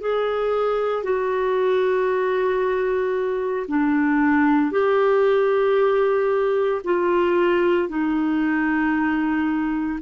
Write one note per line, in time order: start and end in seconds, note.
0.00 1.03 G#4
1.03 3.67 F#4
3.68 4.71 D4
4.71 6.82 G4
6.84 7.89 F4
7.89 10.00 D#4